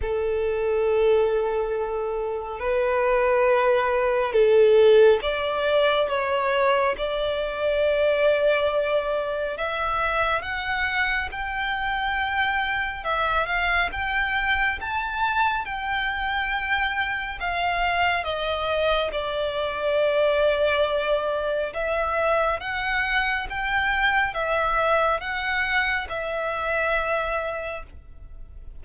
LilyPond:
\new Staff \with { instrumentName = "violin" } { \time 4/4 \tempo 4 = 69 a'2. b'4~ | b'4 a'4 d''4 cis''4 | d''2. e''4 | fis''4 g''2 e''8 f''8 |
g''4 a''4 g''2 | f''4 dis''4 d''2~ | d''4 e''4 fis''4 g''4 | e''4 fis''4 e''2 | }